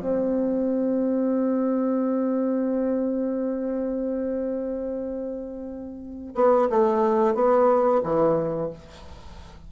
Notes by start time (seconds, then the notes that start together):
0.00 C4
6.35 B3
6.69 A3
7.34 B3
8.03 E3